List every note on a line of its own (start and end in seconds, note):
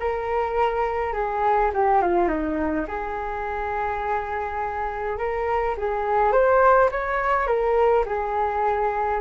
0.00 1.13 A#4
1.13 1.71 G#4
1.74 2.02 G4
2.02 2.28 F4
2.28 2.86 D#4
2.88 5.18 G#4
5.18 5.76 A#4
5.77 6.32 G#4
6.32 6.90 C5
6.92 7.47 C#5
7.47 8.05 A#4
8.06 9.21 G#4